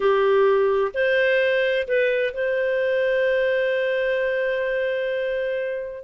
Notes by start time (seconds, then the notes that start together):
0.00 G4
0.94 C5
1.87 B4
2.33 C5